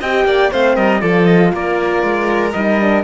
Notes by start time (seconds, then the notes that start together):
0.00 C4 G4 D#5 G5
0.24 A#3 D5
0.51 A3 C4 C5 F5
0.76 G3 A#4 D#5
1.00 F3 F4 A4 D5
1.26 D#5
1.53 A#3 A#4 D5
2.03 G#3
2.52 G3 D#4 D#5
2.81 D4